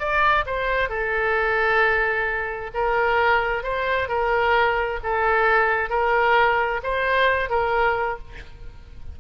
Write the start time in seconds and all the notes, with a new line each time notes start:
0.00 D5
0.47 C5
0.90 A4
2.75 A#4
3.64 C5
4.09 A#4
5.04 A4
5.90 A#4
6.84 C5
7.50 A#4